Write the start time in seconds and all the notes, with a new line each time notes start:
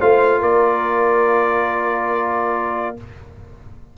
0.00 A3 F4 C5 F5
0.40 A#3 A#4 D5